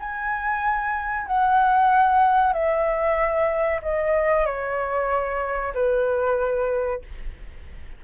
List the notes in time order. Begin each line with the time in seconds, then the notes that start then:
0.00 G#5
1.27 F#5
2.54 E5
3.83 D#5
4.46 C#5
5.74 B4